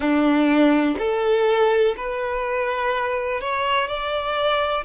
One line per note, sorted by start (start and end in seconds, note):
0.00 0.96 D4
0.98 1.95 A4
1.97 3.40 B4
3.40 3.87 C#5
3.87 4.84 D5